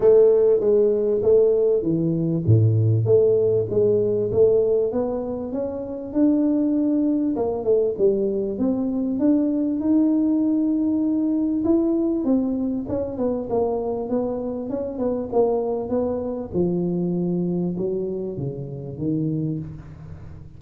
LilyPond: \new Staff \with { instrumentName = "tuba" } { \time 4/4 \tempo 4 = 98 a4 gis4 a4 e4 | a,4 a4 gis4 a4 | b4 cis'4 d'2 | ais8 a8 g4 c'4 d'4 |
dis'2. e'4 | c'4 cis'8 b8 ais4 b4 | cis'8 b8 ais4 b4 f4~ | f4 fis4 cis4 dis4 | }